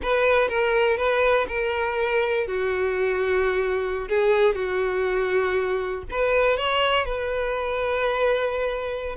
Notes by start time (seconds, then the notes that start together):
0.02 B4
0.48 A#4
0.97 B4
1.48 A#4
2.47 F#4
4.08 G#4
4.55 F#4
6.10 B4
6.57 C#5
7.05 B4